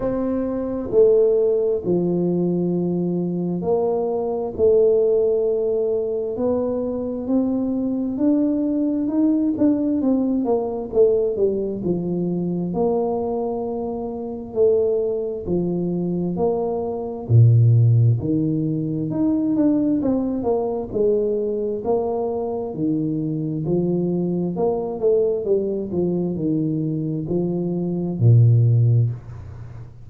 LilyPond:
\new Staff \with { instrumentName = "tuba" } { \time 4/4 \tempo 4 = 66 c'4 a4 f2 | ais4 a2 b4 | c'4 d'4 dis'8 d'8 c'8 ais8 | a8 g8 f4 ais2 |
a4 f4 ais4 ais,4 | dis4 dis'8 d'8 c'8 ais8 gis4 | ais4 dis4 f4 ais8 a8 | g8 f8 dis4 f4 ais,4 | }